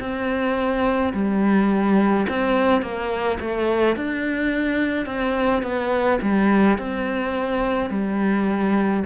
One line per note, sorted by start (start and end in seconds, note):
0.00 1.13 C4
1.14 2.27 G3
2.29 2.82 C4
2.82 3.39 A#3
3.41 3.97 A3
3.97 5.06 D4
5.06 5.63 C4
5.63 6.20 B3
6.22 6.79 G3
6.79 7.90 C4
7.90 9.04 G3